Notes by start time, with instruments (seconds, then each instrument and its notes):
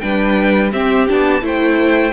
0.00 cello G3, viola D4, violin B4 G5
0.73 viola C4, cello C4, violin G4 E5
1.09 cello B3, viola D4, violin A5
1.42 cello A3, viola E4, violin C5 G5